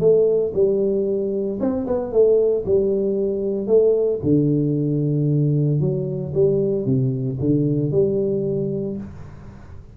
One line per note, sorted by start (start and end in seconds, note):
0.00 0.53 A3
0.54 1.60 G3
1.61 1.87 C4
1.87 2.12 B3
2.12 2.65 A3
2.66 3.67 G3
3.67 4.20 A3
4.23 5.81 D3
5.81 6.33 F#3
6.35 6.86 G3
6.86 7.39 C3
7.40 7.92 D3
7.92 8.97 G3